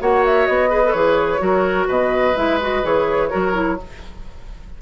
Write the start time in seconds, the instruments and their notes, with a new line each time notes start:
0.00 bassoon A#3, clarinet F#4, oboe C#5, flute F#5
0.25 flute E5
0.46 bassoon B3, flute D#5
0.69 clarinet G#4, oboe B4
0.85 clarinet A4
0.91 bassoon E3, clarinet G#4, flute C#5
1.38 bassoon F#3, clarinet F#4, oboe A#4
1.87 bassoon B2, oboe B4, flute D#5
2.36 bassoon G#3, clarinet E4, flute E5
2.61 clarinet F#4, flute D#5
2.83 bassoon E3, clarinet G#4, flute C#5
3.30 bassoon F#3, clarinet F#4, oboe A#4
3.53 clarinet E4